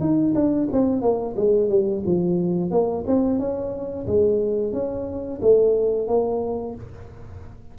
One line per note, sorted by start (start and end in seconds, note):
0.00 0.34 D#4
0.35 0.69 D4
0.72 1.01 C4
1.01 1.35 A#3
1.36 1.69 G#3
1.69 2.03 G3
2.06 2.71 F3
2.71 3.04 A#3
3.07 3.39 C4
3.39 4.06 C#4
4.07 4.73 G#3
4.73 5.40 C#4
5.41 6.07 A3
6.07 6.75 A#3